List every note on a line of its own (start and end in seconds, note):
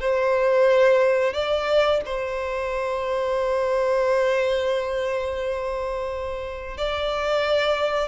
0.00 1.33 C5
1.33 2.01 D5
2.05 6.77 C5
6.77 8.08 D5